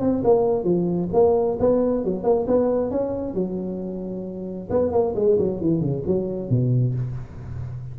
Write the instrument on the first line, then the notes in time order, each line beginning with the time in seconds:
tuba
0.00 C4
0.24 A#3
0.64 F3
1.13 A#3
1.59 B3
2.04 F#3
2.23 A#3
2.47 B3
2.90 C#4
3.34 F#3
4.70 B3
4.92 A#3
5.15 G#3
5.38 F#3
5.61 E3
5.80 C#3
6.06 F#3
6.49 B2